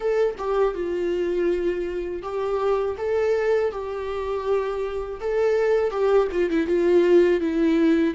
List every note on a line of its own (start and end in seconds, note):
0.00 0.35 A4
0.37 0.74 G4
0.74 2.22 F4
2.22 2.96 G4
2.97 3.71 A4
3.71 5.20 G4
5.20 5.90 A4
5.90 6.27 G4
6.31 6.49 F4
6.49 6.66 E4
6.66 7.40 F4
7.40 8.14 E4